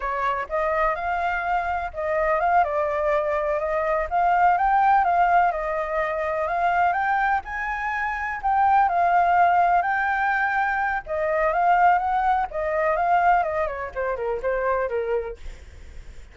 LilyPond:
\new Staff \with { instrumentName = "flute" } { \time 4/4 \tempo 4 = 125 cis''4 dis''4 f''2 | dis''4 f''8 d''2 dis''8~ | dis''8 f''4 g''4 f''4 dis''8~ | dis''4. f''4 g''4 gis''8~ |
gis''4. g''4 f''4.~ | f''8 g''2~ g''8 dis''4 | f''4 fis''4 dis''4 f''4 | dis''8 cis''8 c''8 ais'8 c''4 ais'4 | }